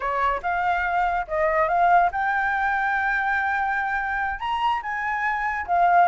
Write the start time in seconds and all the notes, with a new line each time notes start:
0.00 C#5
0.42 F5
1.27 D#5
1.68 F5
2.12 G5
4.39 A#5
4.82 G#5
5.66 F5